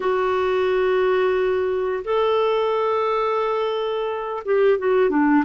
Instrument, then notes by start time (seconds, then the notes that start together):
clarinet
0.00 F#4
2.04 A4
4.44 G4
4.78 F#4
5.10 D4